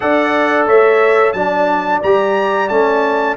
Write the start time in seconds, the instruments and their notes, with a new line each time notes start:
0.00 tuba D4, trombone A4, horn D5, trumpet F#5
0.66 tuba A3, horn C#5, trumpet E5
1.32 tuba F#3, trombone D4, horn D5, trumpet A5
2.02 tuba G3, trombone G4, trumpet A#5
2.69 tuba A3, trombone C#4, trumpet A5